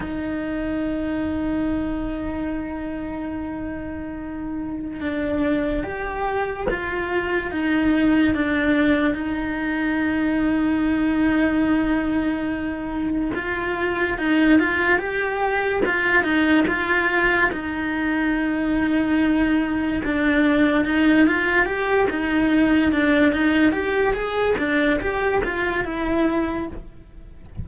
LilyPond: \new Staff \with { instrumentName = "cello" } { \time 4/4 \tempo 4 = 72 dis'1~ | dis'2 d'4 g'4 | f'4 dis'4 d'4 dis'4~ | dis'1 |
f'4 dis'8 f'8 g'4 f'8 dis'8 | f'4 dis'2. | d'4 dis'8 f'8 g'8 dis'4 d'8 | dis'8 g'8 gis'8 d'8 g'8 f'8 e'4 | }